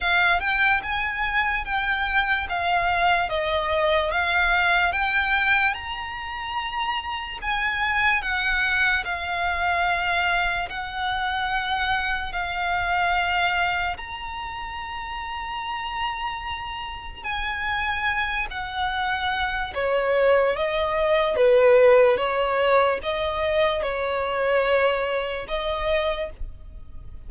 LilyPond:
\new Staff \with { instrumentName = "violin" } { \time 4/4 \tempo 4 = 73 f''8 g''8 gis''4 g''4 f''4 | dis''4 f''4 g''4 ais''4~ | ais''4 gis''4 fis''4 f''4~ | f''4 fis''2 f''4~ |
f''4 ais''2.~ | ais''4 gis''4. fis''4. | cis''4 dis''4 b'4 cis''4 | dis''4 cis''2 dis''4 | }